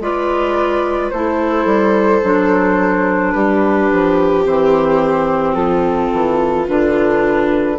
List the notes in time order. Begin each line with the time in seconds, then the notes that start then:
0.00 G#3 F4 B4 D5
1.10 A3 E4 A4 C5
1.65 G3
2.22 F#3 D4
3.32 G3 G4 B4
3.92 F3
4.44 E3 C4 C5
5.54 F3 F4 A4
6.13 E3
6.67 D3 D4 B4